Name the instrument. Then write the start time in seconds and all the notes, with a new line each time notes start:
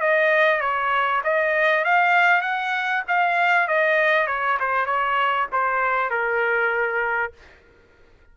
trumpet
0.00 D#5
0.61 C#5
1.24 D#5
1.85 F5
2.42 F#5
3.08 F5
3.68 D#5
4.27 C#5
4.60 C5
4.86 C#5
5.52 C5
6.10 A#4